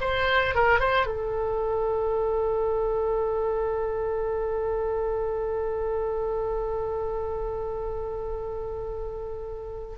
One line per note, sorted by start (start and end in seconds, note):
0.00 0.55 C5
0.55 0.79 A#4
0.79 1.06 C5
1.06 9.95 A4